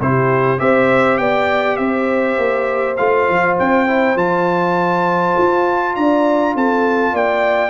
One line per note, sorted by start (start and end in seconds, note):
0.00 0.59 C3
0.00 0.58 E4
0.00 0.60 G4
0.00 0.59 C5
0.58 1.19 C4
0.58 2.96 G4
0.58 1.19 C5
0.58 1.18 E5
1.18 1.78 B3
1.18 1.78 D5
1.18 1.76 G5
1.76 2.37 C4
1.76 5.95 C5
1.76 2.95 E5
2.38 2.97 A#3
2.96 3.29 A3
2.96 3.87 F4
2.96 3.56 F5
3.29 3.59 F3
3.59 4.15 C4
3.59 4.17 G5
3.87 4.16 E4
4.15 5.34 F3
4.15 7.70 F4
4.15 5.95 A5
5.37 5.96 F4
5.95 6.55 D4
5.95 6.55 D5
5.95 6.55 A#5
6.55 7.13 C4
6.55 7.13 A4
6.55 7.15 A5
7.13 7.70 A#3
7.13 7.70 D5
7.13 7.70 G5